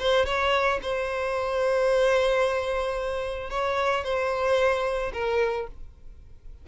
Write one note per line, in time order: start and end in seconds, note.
0.00 0.26 C5
0.26 0.80 C#5
0.83 3.50 C5
3.50 4.04 C#5
4.04 5.13 C5
5.14 5.68 A#4